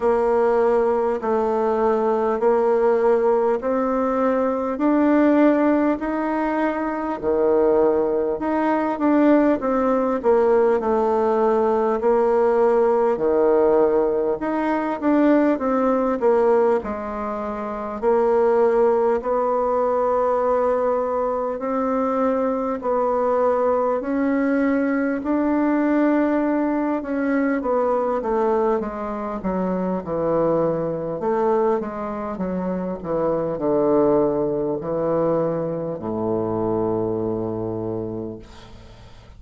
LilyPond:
\new Staff \with { instrumentName = "bassoon" } { \time 4/4 \tempo 4 = 50 ais4 a4 ais4 c'4 | d'4 dis'4 dis4 dis'8 d'8 | c'8 ais8 a4 ais4 dis4 | dis'8 d'8 c'8 ais8 gis4 ais4 |
b2 c'4 b4 | cis'4 d'4. cis'8 b8 a8 | gis8 fis8 e4 a8 gis8 fis8 e8 | d4 e4 a,2 | }